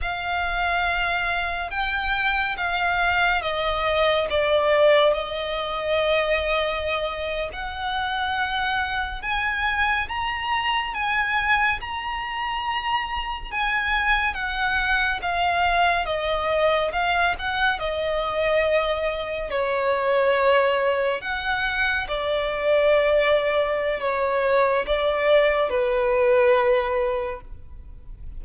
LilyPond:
\new Staff \with { instrumentName = "violin" } { \time 4/4 \tempo 4 = 70 f''2 g''4 f''4 | dis''4 d''4 dis''2~ | dis''8. fis''2 gis''4 ais''16~ | ais''8. gis''4 ais''2 gis''16~ |
gis''8. fis''4 f''4 dis''4 f''16~ | f''16 fis''8 dis''2 cis''4~ cis''16~ | cis''8. fis''4 d''2~ d''16 | cis''4 d''4 b'2 | }